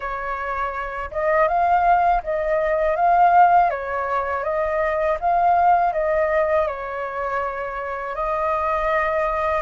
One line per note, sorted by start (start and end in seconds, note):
0.00 1.10 C#5
1.11 1.48 D#5
1.48 2.22 F5
2.23 2.96 D#5
2.96 3.70 F5
3.70 4.43 C#5
4.43 5.18 D#5
5.20 5.93 F5
5.93 6.67 D#5
6.67 8.15 C#5
8.15 9.61 D#5